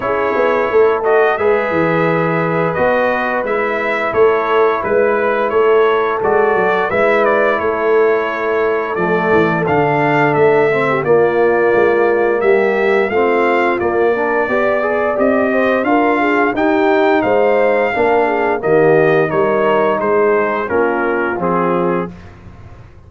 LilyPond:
<<
  \new Staff \with { instrumentName = "trumpet" } { \time 4/4 \tempo 4 = 87 cis''4. dis''8 e''2 | dis''4 e''4 cis''4 b'4 | cis''4 d''4 e''8 d''8 cis''4~ | cis''4 d''4 f''4 e''4 |
d''2 e''4 f''4 | d''2 dis''4 f''4 | g''4 f''2 dis''4 | cis''4 c''4 ais'4 gis'4 | }
  \new Staff \with { instrumentName = "horn" } { \time 4/4 gis'4 a'4 b'2~ | b'2 a'4 b'4 | a'2 b'4 a'4~ | a'2.~ a'8. g'16 |
f'2 g'4 f'4~ | f'8 ais'8 d''4. c''8 ais'8 gis'8 | g'4 c''4 ais'8 gis'8 g'4 | ais'4 gis'4 f'2 | }
  \new Staff \with { instrumentName = "trombone" } { \time 4/4 e'4. fis'8 gis'2 | fis'4 e'2.~ | e'4 fis'4 e'2~ | e'4 a4 d'4. c'8 |
ais2. c'4 | ais8 d'8 g'8 gis'8 g'4 f'4 | dis'2 d'4 ais4 | dis'2 cis'4 c'4 | }
  \new Staff \with { instrumentName = "tuba" } { \time 4/4 cis'8 b8 a4 gis8 e4. | b4 gis4 a4 gis4 | a4 gis8 fis8 gis4 a4~ | a4 f8 e8 d4 a4 |
ais4 gis4 g4 a4 | ais4 b4 c'4 d'4 | dis'4 gis4 ais4 dis4 | g4 gis4 ais4 f4 | }
>>